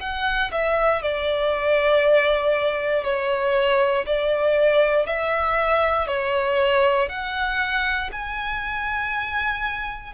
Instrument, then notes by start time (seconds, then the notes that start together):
violin
0.00 F#5
0.51 E5
1.02 D5
3.04 C#5
4.06 D5
5.06 E5
6.07 C#5
7.09 F#5
8.12 G#5